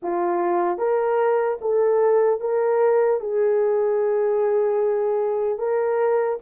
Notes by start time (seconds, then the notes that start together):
0.02 F4
0.78 A#4
1.61 A4
2.40 A#4
3.20 G#4
5.58 A#4